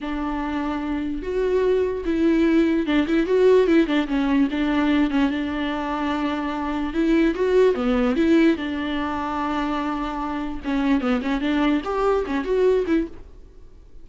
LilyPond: \new Staff \with { instrumentName = "viola" } { \time 4/4 \tempo 4 = 147 d'2. fis'4~ | fis'4 e'2 d'8 e'8 | fis'4 e'8 d'8 cis'4 d'4~ | d'8 cis'8 d'2.~ |
d'4 e'4 fis'4 b4 | e'4 d'2.~ | d'2 cis'4 b8 cis'8 | d'4 g'4 cis'8 fis'4 e'8 | }